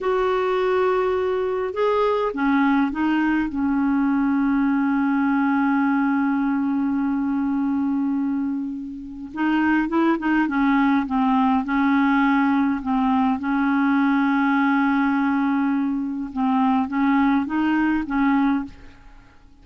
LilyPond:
\new Staff \with { instrumentName = "clarinet" } { \time 4/4 \tempo 4 = 103 fis'2. gis'4 | cis'4 dis'4 cis'2~ | cis'1~ | cis'1 |
dis'4 e'8 dis'8 cis'4 c'4 | cis'2 c'4 cis'4~ | cis'1 | c'4 cis'4 dis'4 cis'4 | }